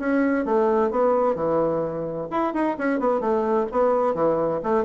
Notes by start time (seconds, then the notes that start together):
0.00 C#4
0.46 A3
0.91 B3
1.36 E3
2.31 E4
2.54 D#4
2.78 C#4
3.00 B3
3.21 A3
3.72 B3
4.15 E3
4.64 A3